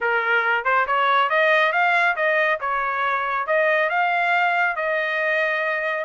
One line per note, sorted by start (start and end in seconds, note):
0.00 0.64 A#4
0.64 0.86 C5
0.87 1.29 C#5
1.29 1.72 D#5
1.72 2.15 F5
2.15 2.59 D#5
2.60 3.46 C#5
3.46 3.89 D#5
3.89 4.75 F5
4.75 6.05 D#5